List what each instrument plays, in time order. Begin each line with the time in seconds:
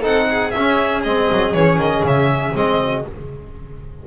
0.00 double bass C4, trombone D#4, violin A4 F#5
0.30 violin G#4
0.50 double bass C#4, violin E5
0.57 trombone C#4
1.03 double bass G#3, trombone C4, violin D#5
1.31 double bass F#3
1.53 double bass E3, trombone C#4, violin C#5
1.77 double bass D#3, violin D#5
2.03 double bass C#3, violin E5
2.53 double bass G#3, trombone C4, violin D#5
2.81 violin F#4